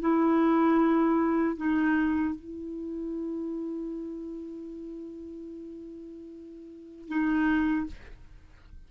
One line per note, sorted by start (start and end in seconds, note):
0.00 1.56 E4
1.56 2.35 D#4
2.35 7.08 E4
7.08 7.87 D#4